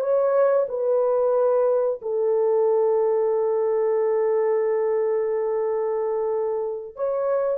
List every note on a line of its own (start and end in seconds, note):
0.00 0.66 C#5
0.68 2.00 B4
2.01 6.96 A4
6.96 7.58 C#5